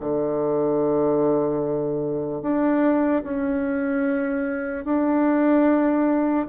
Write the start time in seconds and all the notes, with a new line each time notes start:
0.00 D3
2.41 D4
3.23 C#4
4.84 D4